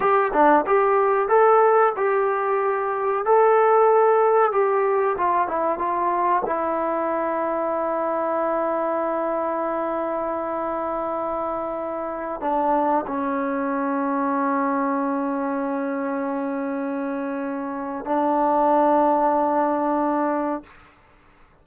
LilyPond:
\new Staff \with { instrumentName = "trombone" } { \time 4/4 \tempo 4 = 93 g'8 d'8 g'4 a'4 g'4~ | g'4 a'2 g'4 | f'8 e'8 f'4 e'2~ | e'1~ |
e'2.~ e'16 d'8.~ | d'16 cis'2.~ cis'8.~ | cis'1 | d'1 | }